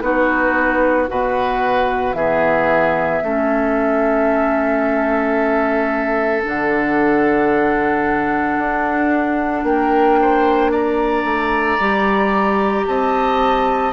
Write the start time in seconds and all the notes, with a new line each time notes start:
0.00 B3 D#4 F#4 B4
1.07 B2 F#4 B4 F#5
2.13 E3 B3 G#4 E5
3.22 A3 C#4 A4
6.44 D3 D4 F#5
8.58 D4
9.63 A#3 A#4 G5
10.21 C5
10.71 D5 A#5
11.24 A3
11.79 G3 G4
12.85 C4 D#5 A5